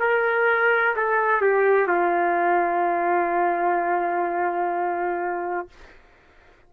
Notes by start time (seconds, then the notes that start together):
0.00 A#4
0.96 A4
1.41 G4
1.87 F4